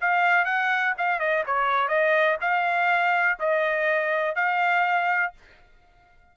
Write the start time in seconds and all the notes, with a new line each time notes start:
0.00 F5
0.45 F#5
0.97 F5
1.19 D#5
1.46 C#5
1.88 D#5
2.41 F5
3.39 D#5
4.35 F5